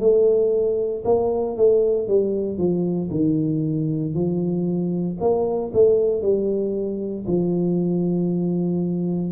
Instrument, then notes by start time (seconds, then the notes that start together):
tuba
0.00 A3
1.04 A#3
1.56 A3
2.07 G3
2.58 F3
3.11 D#3
4.14 F3
5.20 A#3
5.73 A3
6.22 G3
7.27 F3